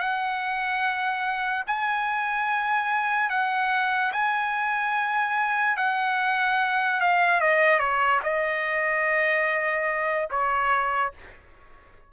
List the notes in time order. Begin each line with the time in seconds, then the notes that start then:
0.00 F#5
1.67 G#5
3.30 F#5
4.13 G#5
5.78 F#5
7.01 F5
7.41 D#5
7.80 C#5
8.24 D#5
10.31 C#5